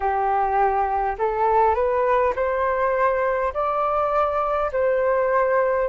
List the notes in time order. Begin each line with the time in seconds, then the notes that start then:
0.00 G4
1.18 A4
1.74 B4
2.35 C5
3.53 D5
4.72 C5